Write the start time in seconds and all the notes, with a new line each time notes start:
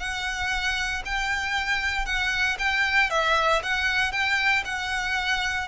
0.00 F#5
1.06 G5
2.06 F#5
2.59 G5
3.11 E5
3.63 F#5
4.12 G5
4.65 F#5